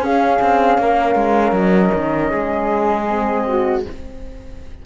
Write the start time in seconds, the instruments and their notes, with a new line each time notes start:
0.00 cello C#4, horn C#4, flute G#4 F5
0.42 cello C4
0.78 cello A#3, flute A#4
1.15 cello G#3
1.52 cello F#3, flute D#5
1.95 cello D#3
2.31 cello G#3, flute G#4
3.08 horn C4
3.46 flute F#4